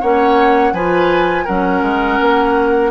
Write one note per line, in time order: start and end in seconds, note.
0.00 0.72 A#3
0.00 0.74 C#4
0.00 0.73 C#5
0.00 0.73 F#5
0.72 1.45 F3
0.72 1.47 F4
0.72 1.44 B4
0.72 1.46 G#5
1.44 1.81 F#3
1.44 2.91 C#4
1.44 2.91 A#4
1.44 2.91 F#5
1.81 2.18 G#3
2.20 2.91 A#3